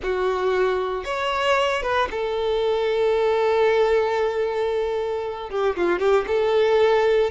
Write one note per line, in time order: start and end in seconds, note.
0.02 1.04 F#4
1.04 1.82 C#5
1.82 2.08 B4
2.11 5.50 A4
5.50 5.76 G4
5.76 5.99 F4
5.99 6.25 G4
6.27 7.30 A4